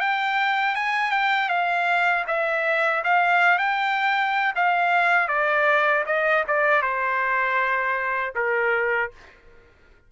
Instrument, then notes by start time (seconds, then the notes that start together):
trumpet
0.00 G5
0.76 G#5
1.12 G5
1.49 F5
2.28 E5
3.04 F5
3.59 G5
4.56 F5
5.28 D5
6.06 D#5
6.48 D5
6.82 C5
8.35 A#4